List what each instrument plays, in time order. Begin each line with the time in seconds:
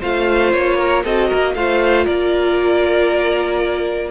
0.00 cello A3, viola F4, violin C5 F5
0.52 cello A#3, violin C#5
0.77 violin A#4
1.04 cello C4, viola F#4, violin A4 D#5
1.28 cello A#3, violin A#4
1.55 cello A3, viola F4, violin C5 F5
2.05 cello A#3, violin A#4 D5